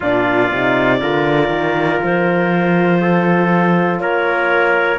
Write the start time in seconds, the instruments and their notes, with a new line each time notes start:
0.00 cello A#2, horn D4, trumpet F4, clarinet D5
0.51 cello C3, horn D#4
1.00 cello D3, horn F4, trumpet A#4
1.49 cello D#3
2.03 cello F3, clarinet C5
3.01 trumpet A4
3.99 cello A#3, trumpet A#4, clarinet C#5